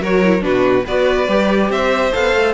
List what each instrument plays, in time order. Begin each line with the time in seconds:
0.00 cello F#3, viola F#4, violin A#4 C#5
0.24 viola E4
0.40 cello B2, viola D4, violin F#4 B4
0.85 cello B3, viola F#4, violin B4 D5
1.27 cello G3, viola G4
1.69 cello C4, violin C5 E5
2.12 cello B3, viola A4, violin F5
2.35 cello A3